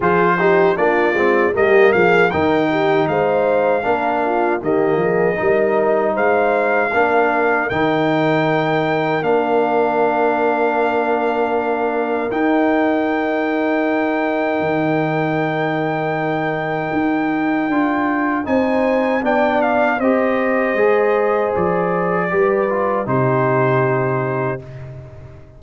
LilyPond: <<
  \new Staff \with { instrumentName = "trumpet" } { \time 4/4 \tempo 4 = 78 c''4 d''4 dis''8 f''8 g''4 | f''2 dis''2 | f''2 g''2 | f''1 |
g''1~ | g''1 | gis''4 g''8 f''8 dis''2 | d''2 c''2 | }
  \new Staff \with { instrumentName = "horn" } { \time 4/4 gis'8 g'8 f'4 g'8 gis'8 ais'8 g'8 | c''4 ais'8 f'8 g'8 gis'8 ais'4 | c''4 ais'2.~ | ais'1~ |
ais'1~ | ais'1 | c''4 d''4 c''2~ | c''4 b'4 g'2 | }
  \new Staff \with { instrumentName = "trombone" } { \time 4/4 f'8 dis'8 d'8 c'8 ais4 dis'4~ | dis'4 d'4 ais4 dis'4~ | dis'4 d'4 dis'2 | d'1 |
dis'1~ | dis'2. f'4 | dis'4 d'4 g'4 gis'4~ | gis'4 g'8 f'8 dis'2 | }
  \new Staff \with { instrumentName = "tuba" } { \time 4/4 f4 ais8 gis8 g8 f8 dis4 | gis4 ais4 dis8 f8 g4 | gis4 ais4 dis2 | ais1 |
dis'2. dis4~ | dis2 dis'4 d'4 | c'4 b4 c'4 gis4 | f4 g4 c2 | }
>>